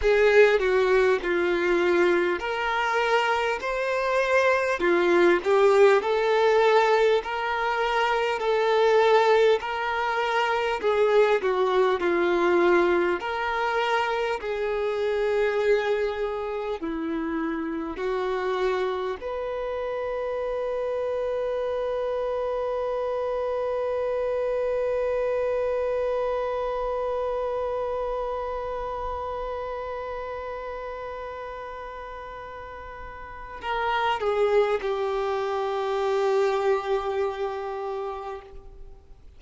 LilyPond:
\new Staff \with { instrumentName = "violin" } { \time 4/4 \tempo 4 = 50 gis'8 fis'8 f'4 ais'4 c''4 | f'8 g'8 a'4 ais'4 a'4 | ais'4 gis'8 fis'8 f'4 ais'4 | gis'2 e'4 fis'4 |
b'1~ | b'1~ | b'1 | ais'8 gis'8 g'2. | }